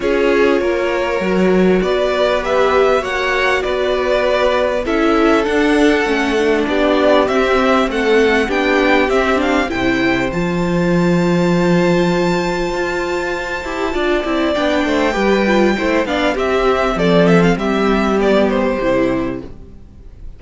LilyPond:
<<
  \new Staff \with { instrumentName = "violin" } { \time 4/4 \tempo 4 = 99 cis''2. d''4 | e''4 fis''4 d''2 | e''4 fis''2 d''4 | e''4 fis''4 g''4 e''8 f''8 |
g''4 a''2.~ | a''1 | g''2~ g''8 f''8 e''4 | d''8 e''16 f''16 e''4 d''8 c''4. | }
  \new Staff \with { instrumentName = "violin" } { \time 4/4 gis'4 ais'2 b'4~ | b'4 cis''4 b'2 | a'2. g'4~ | g'4 a'4 g'2 |
c''1~ | c''2. d''4~ | d''8 c''8 b'4 c''8 d''8 g'4 | a'4 g'2. | }
  \new Staff \with { instrumentName = "viola" } { \time 4/4 f'2 fis'2 | g'4 fis'2. | e'4 d'4 cis'8 d'4. | c'2 d'4 c'8 d'8 |
e'4 f'2.~ | f'2~ f'8 g'8 f'8 e'8 | d'4 g'8 f'8 e'8 d'8 c'4~ | c'2 b4 e'4 | }
  \new Staff \with { instrumentName = "cello" } { \time 4/4 cis'4 ais4 fis4 b4~ | b4 ais4 b2 | cis'4 d'4 a4 b4 | c'4 a4 b4 c'4 |
c4 f2.~ | f4 f'4. e'8 d'8 c'8 | b8 a8 g4 a8 b8 c'4 | f4 g2 c4 | }
>>